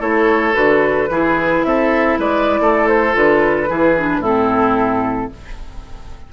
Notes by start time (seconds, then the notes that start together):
0.00 A3 E4 A4 C#5
0.53 D3 F#4 B4
1.10 E3 E4 G#4
1.64 C4 A4 E5
2.18 G#3 B4 D5
2.60 A3 A4
2.88 C5
3.12 D3 F4 B4
3.67 E3 E4 G#4
3.98 D4
4.19 A2 C4 E4 A4